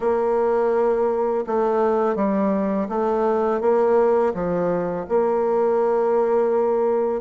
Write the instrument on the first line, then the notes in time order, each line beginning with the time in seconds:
bassoon
0.00 A#3
1.46 A3
2.15 G3
2.88 A3
3.60 A#3
4.33 F3
5.08 A#3